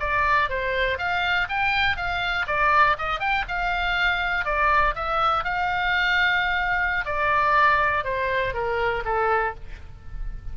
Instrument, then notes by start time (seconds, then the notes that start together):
oboe
0.00 D5
0.50 C5
0.98 F5
1.49 G5
1.97 F5
2.47 D5
2.98 D#5
3.20 G5
3.48 F5
4.45 D5
4.95 E5
5.44 F5
7.05 D5
8.04 C5
8.54 A#4
9.05 A4